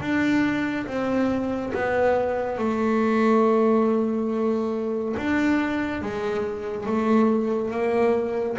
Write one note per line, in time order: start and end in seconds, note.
0.00 0.86 D4
0.86 1.72 C4
1.73 2.58 B3
2.58 5.15 A3
5.17 6.02 D4
6.02 6.86 G#3
6.86 7.71 A3
7.71 8.56 A#3